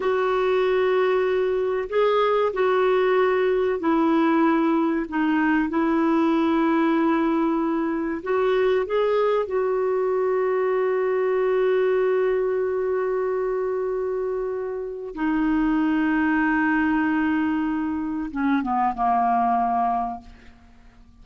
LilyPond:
\new Staff \with { instrumentName = "clarinet" } { \time 4/4 \tempo 4 = 95 fis'2. gis'4 | fis'2 e'2 | dis'4 e'2.~ | e'4 fis'4 gis'4 fis'4~ |
fis'1~ | fis'1 | dis'1~ | dis'4 cis'8 b8 ais2 | }